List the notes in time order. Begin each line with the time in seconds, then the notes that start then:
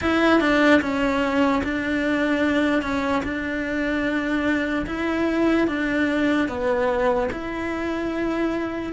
0.01 E4
0.40 D4
0.81 C#4
1.63 D4
2.82 C#4
3.23 D4
4.86 E4
5.67 D4
6.48 B3
7.32 E4